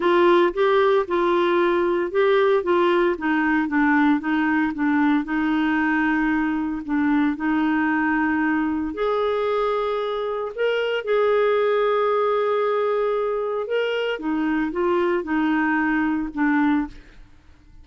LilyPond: \new Staff \with { instrumentName = "clarinet" } { \time 4/4 \tempo 4 = 114 f'4 g'4 f'2 | g'4 f'4 dis'4 d'4 | dis'4 d'4 dis'2~ | dis'4 d'4 dis'2~ |
dis'4 gis'2. | ais'4 gis'2.~ | gis'2 ais'4 dis'4 | f'4 dis'2 d'4 | }